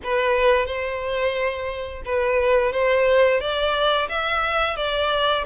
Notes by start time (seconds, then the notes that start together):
0.03 B4
0.65 C5
2.05 B4
2.72 C5
3.40 D5
4.08 E5
4.76 D5